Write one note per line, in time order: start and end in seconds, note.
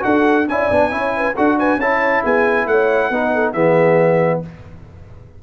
0.00 0.48 D4
0.00 0.44 F#4
0.00 0.49 A4
0.00 0.47 F#5
0.48 0.70 C#4
0.48 0.72 E4
0.48 0.91 D5
0.48 1.36 G#5
0.71 0.91 B3
0.71 0.91 D4
0.91 1.35 C#4
0.91 1.34 E4
0.91 1.13 C#5
1.17 1.35 B4
1.35 1.77 D4
1.35 1.80 F#4
1.35 1.57 A4
1.35 1.59 F#5
1.58 1.80 B4
1.58 1.80 G#5
1.77 2.21 C#4
1.77 3.12 E4
1.77 2.23 C#5
1.77 2.24 A5
2.23 2.67 B3
2.23 2.67 G#4
2.23 2.67 G#5
2.67 3.10 A3
2.67 3.10 C#5
2.67 3.53 F#5
3.10 3.54 B3
3.10 3.55 D#4
3.10 3.32 B4
3.34 3.53 A4
3.53 4.42 E3
3.53 4.43 B3
3.53 4.41 G#4
3.53 4.40 E5